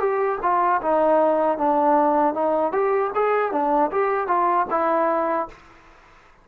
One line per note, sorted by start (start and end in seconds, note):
0.00 0.39 G4
0.43 0.81 F4
0.82 1.58 D#4
1.58 2.34 D4
2.34 2.72 D#4
2.72 3.12 G4
3.15 3.52 G#4
3.52 3.91 D4
3.92 4.28 G4
4.28 4.66 F4
4.70 5.48 E4